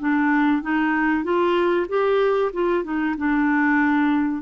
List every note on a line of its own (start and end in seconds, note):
0.00 0.63 D4
0.63 1.24 D#4
1.24 1.87 F4
1.89 2.52 G4
2.53 2.84 F4
2.84 3.16 D#4
3.18 4.42 D4